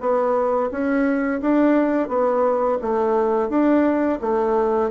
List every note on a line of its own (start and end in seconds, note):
0.00 0.70 B3
0.71 1.40 C#4
1.41 2.08 D4
2.08 2.77 B3
2.81 3.49 A3
3.49 4.19 D4
4.21 4.90 A3